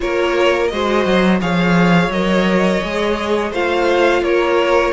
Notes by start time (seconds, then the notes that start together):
0.00 A#3 F4 A#4 C#5
0.67 G#3 F#4 C5 D#5
1.05 F#3
1.40 F3 G#4 C#5 F5
2.09 F#3 A#4 D#5
2.83 G#3 G#4
3.51 A3 F4 C5 F5
4.21 A#3 A#4 C#5